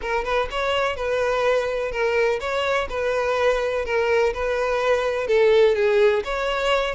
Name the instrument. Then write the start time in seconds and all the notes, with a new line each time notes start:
violin
0.01 A#4
0.24 B4
0.51 C#5
0.96 B4
1.91 A#4
2.40 C#5
2.89 B4
3.85 A#4
4.33 B4
5.27 A4
5.75 G#4
6.24 C#5